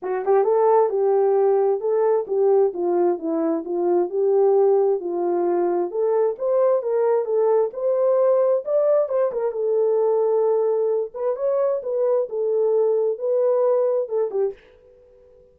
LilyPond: \new Staff \with { instrumentName = "horn" } { \time 4/4 \tempo 4 = 132 fis'8 g'8 a'4 g'2 | a'4 g'4 f'4 e'4 | f'4 g'2 f'4~ | f'4 a'4 c''4 ais'4 |
a'4 c''2 d''4 | c''8 ais'8 a'2.~ | a'8 b'8 cis''4 b'4 a'4~ | a'4 b'2 a'8 g'8 | }